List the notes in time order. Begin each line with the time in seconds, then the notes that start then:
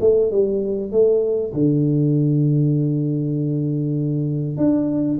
0.00 A3
0.31 G3
0.91 A3
1.53 D3
4.57 D4